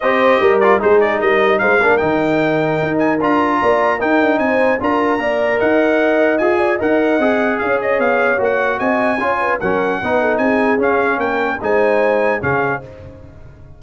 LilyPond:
<<
  \new Staff \with { instrumentName = "trumpet" } { \time 4/4 \tempo 4 = 150 dis''4. d''8 c''8 d''8 dis''4 | f''4 g''2~ g''8 gis''8 | ais''2 g''4 gis''4 | ais''2 fis''2 |
gis''4 fis''2 f''8 dis''8 | f''4 fis''4 gis''2 | fis''2 gis''4 f''4 | g''4 gis''2 f''4 | }
  \new Staff \with { instrumentName = "horn" } { \time 4/4 c''4 ais'4 gis'4 ais'4 | c''8 ais'2.~ ais'8~ | ais'4 d''4 ais'4 c''4 | ais'4 d''4 dis''2~ |
dis''8 d''8 dis''2 cis''4~ | cis''2 dis''4 cis''8 b'8 | ais'4 b'8 a'8 gis'2 | ais'4 c''2 gis'4 | }
  \new Staff \with { instrumentName = "trombone" } { \time 4/4 g'4. f'8 dis'2~ | dis'8 d'8 dis'2. | f'2 dis'2 | f'4 ais'2. |
gis'4 ais'4 gis'2~ | gis'4 fis'2 f'4 | cis'4 dis'2 cis'4~ | cis'4 dis'2 cis'4 | }
  \new Staff \with { instrumentName = "tuba" } { \time 4/4 c'4 g4 gis4 g4 | gis8 ais8 dis2 dis'4 | d'4 ais4 dis'8 d'8 c'4 | d'4 ais4 dis'2 |
f'4 dis'4 c'4 cis'4 | b4 ais4 c'4 cis'4 | fis4 b4 c'4 cis'4 | ais4 gis2 cis4 | }
>>